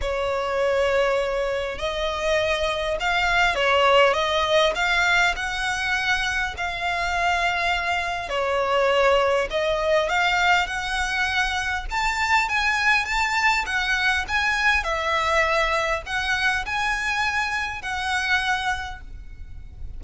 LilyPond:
\new Staff \with { instrumentName = "violin" } { \time 4/4 \tempo 4 = 101 cis''2. dis''4~ | dis''4 f''4 cis''4 dis''4 | f''4 fis''2 f''4~ | f''2 cis''2 |
dis''4 f''4 fis''2 | a''4 gis''4 a''4 fis''4 | gis''4 e''2 fis''4 | gis''2 fis''2 | }